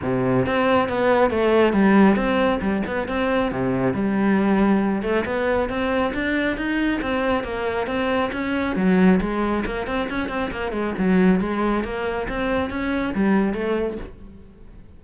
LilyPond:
\new Staff \with { instrumentName = "cello" } { \time 4/4 \tempo 4 = 137 c4 c'4 b4 a4 | g4 c'4 g8 b8 c'4 | c4 g2~ g8 a8 | b4 c'4 d'4 dis'4 |
c'4 ais4 c'4 cis'4 | fis4 gis4 ais8 c'8 cis'8 c'8 | ais8 gis8 fis4 gis4 ais4 | c'4 cis'4 g4 a4 | }